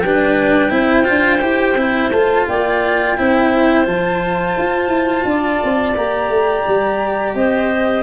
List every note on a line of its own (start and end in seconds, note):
0.00 0.70 G3
0.00 0.72 B4
0.00 2.09 G5
0.06 0.70 D4
0.70 1.05 C4
0.70 1.04 E4
0.70 2.46 C5
1.04 1.42 D4
1.04 1.39 F4
1.41 1.75 E4
1.41 1.76 G4
1.75 2.10 C4
1.75 2.12 E4
2.11 2.47 A3
2.11 3.17 F4
2.11 2.46 A5
2.48 3.18 A#3
2.48 3.18 D5
2.48 3.86 G5
3.17 3.86 C4
3.17 3.85 E4
3.17 5.27 C5
3.85 4.56 F3
3.85 5.94 F4
3.85 5.95 A5
4.57 4.88 F4
4.88 5.23 E4
5.25 5.60 D4
5.25 7.36 D5
5.64 5.96 C4
5.96 6.29 A#3
5.96 8.03 G4
5.96 7.35 A#5
6.29 6.64 A3
6.67 7.35 G3
7.35 8.03 C4
7.35 8.03 C5
7.35 8.03 D#5